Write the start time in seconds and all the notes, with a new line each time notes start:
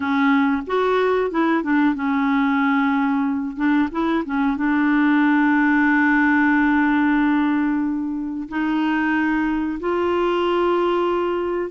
0.00 C#4
0.67 F#4
1.30 E4
1.63 D4
1.94 C#4
3.56 D4
3.91 E4
4.25 C#4
4.57 D4
8.48 D#4
9.79 F4